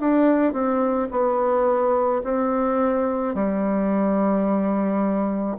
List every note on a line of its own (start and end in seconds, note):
0.00 0.53 D4
0.53 1.09 C4
1.12 2.23 B3
2.24 3.35 C4
3.35 5.57 G3